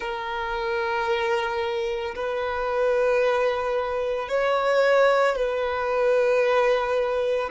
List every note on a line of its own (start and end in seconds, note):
0.00 2.14 A#4
2.15 4.29 B4
4.29 5.35 C#5
5.35 7.50 B4